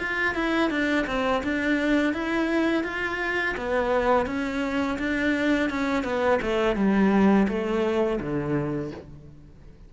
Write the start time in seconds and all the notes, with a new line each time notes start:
0.00 F4
0.35 E4
0.71 D4
1.07 C4
1.44 D4
2.14 E4
2.84 F4
3.57 B3
4.27 C#4
4.99 D4
5.70 C#4
6.04 B3
6.42 A3
6.76 G3
7.49 A3
8.20 D3